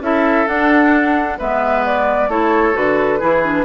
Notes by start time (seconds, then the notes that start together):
0.00 C#4 E4 A4 E5
0.47 D4 F#5
1.38 G#3 B3 B4 E5
1.85 D5
2.28 A3 E4 A4 C#5
2.73 D3 F#4 B4
3.19 E3 E4 G#4
3.43 D4